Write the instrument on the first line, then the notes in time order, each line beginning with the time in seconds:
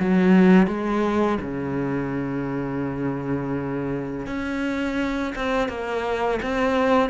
cello
0.00 F#3
0.68 G#3
1.41 C#3
4.27 C#4
5.36 C4
5.69 A#3
6.43 C4